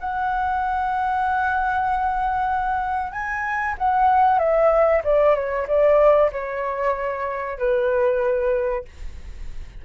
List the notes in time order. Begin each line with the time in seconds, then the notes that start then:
0.00 F#5
3.12 G#5
3.78 F#5
4.39 E5
5.04 D5
5.35 C#5
5.68 D5
6.32 C#5
7.58 B4